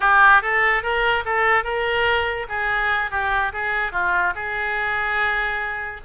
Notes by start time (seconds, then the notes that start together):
0.00 G4
0.42 A4
0.82 A#4
1.25 A4
1.64 A#4
2.48 G#4
3.10 G4
3.53 G#4
3.92 F4
4.35 G#4